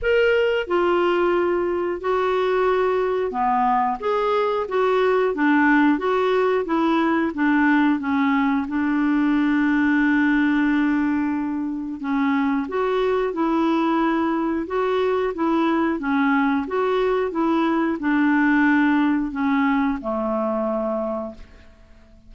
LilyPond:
\new Staff \with { instrumentName = "clarinet" } { \time 4/4 \tempo 4 = 90 ais'4 f'2 fis'4~ | fis'4 b4 gis'4 fis'4 | d'4 fis'4 e'4 d'4 | cis'4 d'2.~ |
d'2 cis'4 fis'4 | e'2 fis'4 e'4 | cis'4 fis'4 e'4 d'4~ | d'4 cis'4 a2 | }